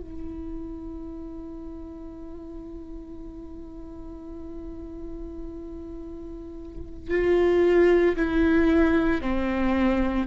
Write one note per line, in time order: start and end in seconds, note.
0.00 7.10 E4
7.10 8.15 F4
8.16 9.21 E4
9.21 10.26 C4